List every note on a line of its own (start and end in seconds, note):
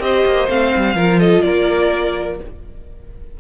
0.00 0.24 C4
0.00 0.48 G4
0.00 0.96 C5
0.00 0.49 D#5
0.26 0.49 A#3
0.49 0.73 A3
0.49 0.96 C4
0.49 1.20 F5
0.76 0.95 G3
0.95 1.43 F3
0.95 2.39 F4
0.95 1.20 A#4
1.20 1.44 A4
1.20 1.42 D#5
1.42 2.40 A#3
1.42 2.40 A#4
1.42 2.37 D5